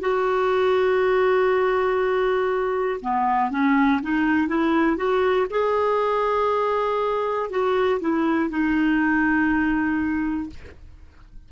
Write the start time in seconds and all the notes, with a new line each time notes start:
0.00 F#4
3.01 B3
3.50 C#4
4.02 D#4
4.47 E4
4.96 F#4
5.50 G#4
7.50 F#4
8.00 E4
8.50 D#4